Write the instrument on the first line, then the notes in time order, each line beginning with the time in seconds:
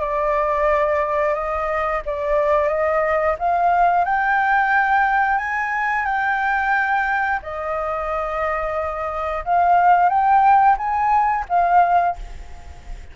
flute
0.00 D5
1.34 D#5
2.05 D5
2.68 D#5
3.39 F5
4.04 G5
5.38 G#5
6.05 G5
7.42 D#5
9.44 F5
10.09 G5
10.77 G#5
11.49 F5